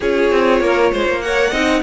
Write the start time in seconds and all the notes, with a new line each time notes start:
0.00 C#4 F4 G#4 C#5
0.31 C4
0.60 A#3 A#4
0.92 G#3 C5
1.08 A#3
1.21 A#4 C#5 F#5
1.50 C4 D#4 D#5